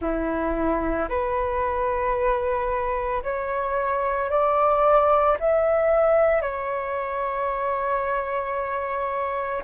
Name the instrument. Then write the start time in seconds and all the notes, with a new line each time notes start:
flute
0.00 E4
1.08 B4
3.23 C#5
4.30 D5
5.39 E5
6.41 C#5